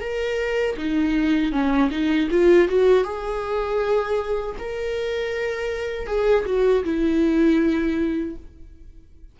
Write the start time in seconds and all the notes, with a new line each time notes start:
0.00 A#4
0.77 D#4
1.52 C#4
1.91 D#4
2.31 F4
2.68 F#4
3.03 G#4
4.58 A#4
6.07 G#4
6.45 F#4
6.84 E4